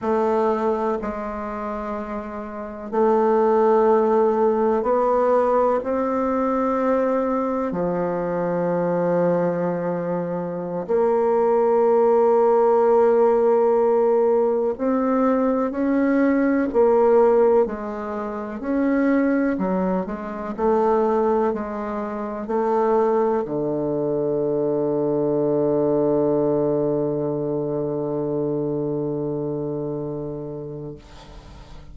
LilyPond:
\new Staff \with { instrumentName = "bassoon" } { \time 4/4 \tempo 4 = 62 a4 gis2 a4~ | a4 b4 c'2 | f2.~ f16 ais8.~ | ais2.~ ais16 c'8.~ |
c'16 cis'4 ais4 gis4 cis'8.~ | cis'16 fis8 gis8 a4 gis4 a8.~ | a16 d2.~ d8.~ | d1 | }